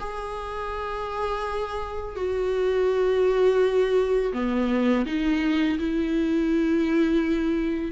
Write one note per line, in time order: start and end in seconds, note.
0.00 2.16 G#4
2.16 4.33 F#4
4.34 5.06 B3
5.06 5.79 D#4
5.79 7.92 E4